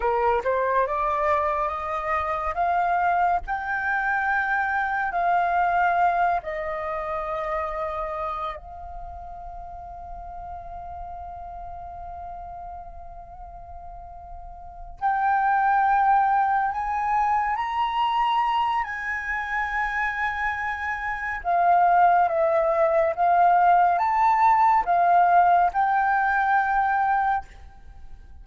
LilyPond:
\new Staff \with { instrumentName = "flute" } { \time 4/4 \tempo 4 = 70 ais'8 c''8 d''4 dis''4 f''4 | g''2 f''4. dis''8~ | dis''2 f''2~ | f''1~ |
f''4. g''2 gis''8~ | gis''8 ais''4. gis''2~ | gis''4 f''4 e''4 f''4 | a''4 f''4 g''2 | }